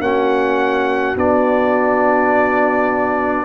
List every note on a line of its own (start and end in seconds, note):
0.00 1.15 A#3
0.00 1.16 C#4
0.00 3.45 F#4
0.00 1.17 F#5
1.16 3.45 B3
1.16 3.45 D4
1.16 3.45 D5